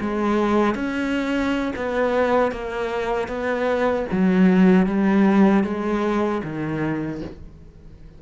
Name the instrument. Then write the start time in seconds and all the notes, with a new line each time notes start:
cello
0.00 G#3
0.75 C#4
1.76 B3
2.51 A#3
3.28 B3
4.11 F#3
4.86 G3
5.64 G#3
6.44 D#3